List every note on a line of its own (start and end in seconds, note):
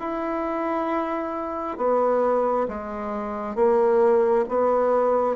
0.00 1.78 E4
1.78 2.67 B3
2.69 3.56 G#3
3.56 4.45 A#3
4.49 5.36 B3